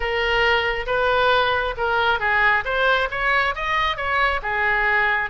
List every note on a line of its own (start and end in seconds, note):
0.00 0.86 A#4
0.86 1.74 B4
1.77 2.19 A#4
2.19 2.64 G#4
2.64 3.08 C5
3.10 3.54 C#5
3.55 3.96 D#5
3.96 4.41 C#5
4.42 5.30 G#4